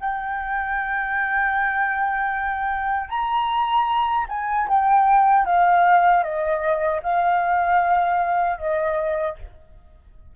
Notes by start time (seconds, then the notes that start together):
0.00 G5
3.09 A#5
4.29 G#5
4.68 G5
5.45 F5
6.23 D#5
7.03 F5
8.57 D#5